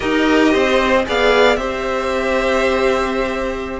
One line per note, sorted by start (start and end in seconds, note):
0.00 0.54 D#4
0.00 1.03 G4
0.00 0.52 A#4
0.00 1.05 D#5
0.52 1.06 C4
0.52 1.05 C5
1.05 1.57 B3
1.05 1.58 G#4
1.05 1.58 D5
1.05 1.55 F5
1.55 3.80 C4
1.55 3.80 G4
1.55 3.80 C5
1.55 3.79 E5